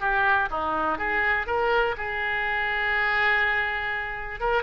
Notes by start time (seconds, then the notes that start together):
0.00 G4
0.50 D#4
0.98 G#4
1.47 A#4
1.97 G#4
4.40 A#4